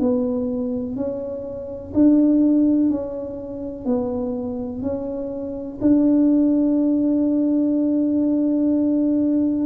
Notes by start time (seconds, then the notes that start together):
0.00 B3
0.96 C#4
1.94 D4
2.90 C#4
3.85 B3
4.82 C#4
5.81 D4